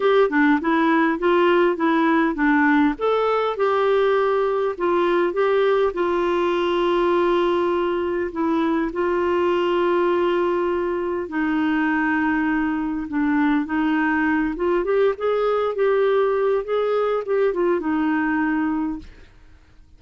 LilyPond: \new Staff \with { instrumentName = "clarinet" } { \time 4/4 \tempo 4 = 101 g'8 d'8 e'4 f'4 e'4 | d'4 a'4 g'2 | f'4 g'4 f'2~ | f'2 e'4 f'4~ |
f'2. dis'4~ | dis'2 d'4 dis'4~ | dis'8 f'8 g'8 gis'4 g'4. | gis'4 g'8 f'8 dis'2 | }